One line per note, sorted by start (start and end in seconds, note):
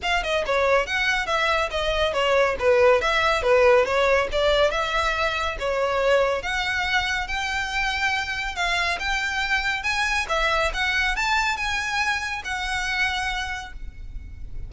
0.02 0.23 F5
0.23 0.44 D#5
0.46 0.86 C#5
0.86 1.26 F#5
1.26 1.69 E5
1.70 2.13 D#5
2.13 2.56 C#5
2.59 3.01 B4
3.01 3.42 E5
3.42 3.85 B4
3.85 4.27 C#5
4.31 4.70 D5
4.70 5.56 E5
5.59 6.42 C#5
6.42 7.27 F#5
7.27 8.55 G5
8.55 8.98 F5
8.99 9.83 G5
9.83 10.26 G#5
10.28 10.71 E5
10.73 11.16 F#5
11.16 11.56 A5
11.56 12.42 G#5
12.44 13.73 F#5